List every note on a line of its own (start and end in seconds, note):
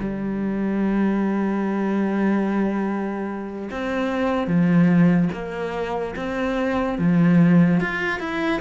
0.00 3.70 G3
3.71 4.48 C4
4.48 5.30 F3
5.33 6.15 A#3
6.16 6.99 C4
6.99 7.81 F3
7.81 8.20 F4
8.20 8.61 E4